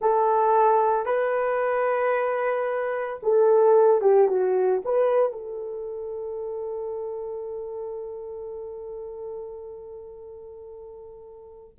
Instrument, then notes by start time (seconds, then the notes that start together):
horn
0.01 A4
1.05 B4
3.22 A4
4.01 G4
4.28 F#4
4.85 B4
5.32 A4